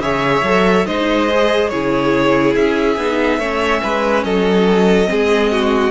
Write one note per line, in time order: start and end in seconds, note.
0.00 0.42 C#3
0.00 0.44 G#4
0.00 0.87 C#5
0.00 0.86 E5
0.43 0.86 F#3
0.43 0.87 A4
0.86 1.72 G#3
0.86 1.29 D#4
0.86 1.71 C5
0.86 1.69 D#5
1.30 1.72 G#4
1.69 2.56 C#3
1.69 2.98 E4
1.69 3.39 G#4
1.69 2.54 C#5
2.55 2.97 C#4
2.55 4.24 E5
2.97 3.39 B3
2.97 3.40 D#4
3.39 3.81 A3
3.39 5.05 C#4
3.39 3.81 C#5
3.83 4.24 G#3
3.83 4.24 B4
4.24 5.09 F#3
4.24 5.09 A4
4.24 5.91 D#5
5.05 5.91 G#3
5.05 5.90 C4
5.05 5.52 G#4
5.52 5.91 F#4